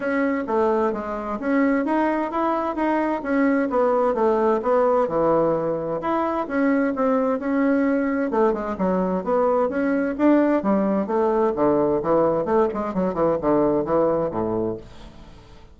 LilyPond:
\new Staff \with { instrumentName = "bassoon" } { \time 4/4 \tempo 4 = 130 cis'4 a4 gis4 cis'4 | dis'4 e'4 dis'4 cis'4 | b4 a4 b4 e4~ | e4 e'4 cis'4 c'4 |
cis'2 a8 gis8 fis4 | b4 cis'4 d'4 g4 | a4 d4 e4 a8 gis8 | fis8 e8 d4 e4 a,4 | }